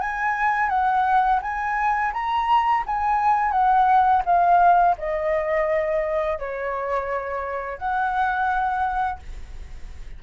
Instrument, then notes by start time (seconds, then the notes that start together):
flute
0.00 G#5
0.69 F#5
1.41 G#5
2.13 A#5
2.86 G#5
3.51 F#5
4.25 F5
4.98 D#5
6.39 C#5
7.78 F#5